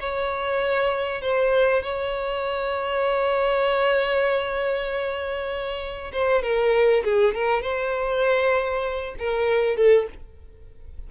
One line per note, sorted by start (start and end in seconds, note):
0.00 1.22 C#5
1.22 1.83 C5
1.83 6.12 C#5
6.13 6.42 C5
6.42 7.04 A#4
7.04 7.34 G#4
7.34 7.62 A#4
7.62 9.15 C5
9.19 9.76 A#4
9.76 10.07 A4